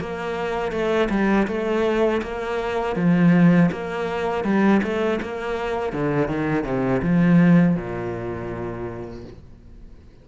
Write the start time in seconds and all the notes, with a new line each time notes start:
0.00 A#3
0.72 A3
1.10 G3
1.47 A3
2.23 A#3
2.96 F3
3.71 A#3
4.44 G3
4.83 A3
5.22 A#3
5.93 D3
6.28 D#3
6.64 C3
7.02 F3
7.76 A#2